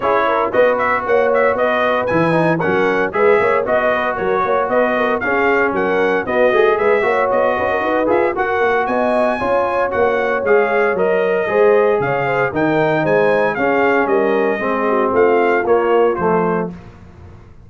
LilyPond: <<
  \new Staff \with { instrumentName = "trumpet" } { \time 4/4 \tempo 4 = 115 cis''4 dis''8 e''8 fis''8 e''8 dis''4 | gis''4 fis''4 e''4 dis''4 | cis''4 dis''4 f''4 fis''4 | dis''4 e''4 dis''4. e''8 |
fis''4 gis''2 fis''4 | f''4 dis''2 f''4 | g''4 gis''4 f''4 dis''4~ | dis''4 f''4 cis''4 c''4 | }
  \new Staff \with { instrumentName = "horn" } { \time 4/4 gis'8 ais'8 b'4 cis''4 b'4~ | b'4 ais'4 b'8 cis''8 dis''8 b'8 | ais'8 cis''8 b'8 ais'8 gis'4 ais'4 | fis'4 b'8 cis''4 b'16 ais'16 b'4 |
ais'4 dis''4 cis''2~ | cis''2 c''4 cis''8 c''8 | ais'4 c''4 gis'4 ais'4 | gis'8 fis'8 f'2. | }
  \new Staff \with { instrumentName = "trombone" } { \time 4/4 e'4 fis'2. | e'8 dis'8 cis'4 gis'4 fis'4~ | fis'2 cis'2 | b8 gis'4 fis'2 gis'8 |
fis'2 f'4 fis'4 | gis'4 ais'4 gis'2 | dis'2 cis'2 | c'2 ais4 a4 | }
  \new Staff \with { instrumentName = "tuba" } { \time 4/4 cis'4 b4 ais4 b4 | e4 fis4 gis8 ais8 b4 | fis8 ais8 b4 cis'4 fis4 | b8 a8 gis8 ais8 b8 cis'8 dis'8 f'8 |
fis'8 ais8 b4 cis'4 ais4 | gis4 fis4 gis4 cis4 | dis4 gis4 cis'4 g4 | gis4 a4 ais4 f4 | }
>>